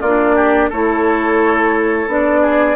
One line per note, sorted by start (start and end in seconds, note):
0.00 0.70 A#3
0.00 0.72 D4
0.00 0.35 F4
0.00 0.69 D5
0.35 0.69 G4
0.69 2.07 A3
0.69 2.07 E4
0.69 2.41 A4
0.69 2.10 C#5
2.07 2.75 B3
2.07 2.75 D4
2.07 2.75 D5
2.41 2.75 G#4